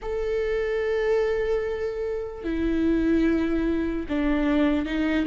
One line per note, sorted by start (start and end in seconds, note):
0.02 2.43 A4
2.43 4.05 E4
4.08 4.85 D4
4.85 5.26 D#4